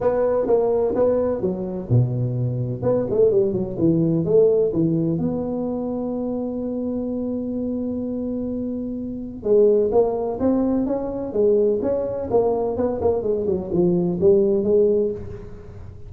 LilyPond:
\new Staff \with { instrumentName = "tuba" } { \time 4/4 \tempo 4 = 127 b4 ais4 b4 fis4 | b,2 b8 a8 g8 fis8 | e4 a4 e4 b4~ | b1~ |
b1 | gis4 ais4 c'4 cis'4 | gis4 cis'4 ais4 b8 ais8 | gis8 fis8 f4 g4 gis4 | }